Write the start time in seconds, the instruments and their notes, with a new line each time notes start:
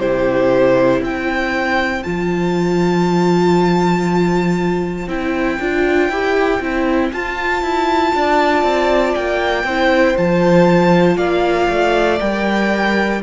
0.00 cello C3, viola E4, violin G4 C5
1.01 cello C4, violin C5 G5
2.04 cello F3, viola F4, violin A5
5.08 cello C4, viola E4, violin G5
5.60 cello D4, viola F4
6.09 cello E4, viola G4
6.61 cello C4, viola E4
7.13 cello F4, viola F4, violin A5
7.62 cello E4
8.15 cello D4, violin D5
8.63 cello C4
9.15 cello A#3, violin G5
9.64 cello C4, viola E4, violin C5
10.18 cello F3, viola F4, violin A5
11.17 cello A#3, violin D5 F5
11.69 cello A3
12.20 cello G3, viola A#4, violin G5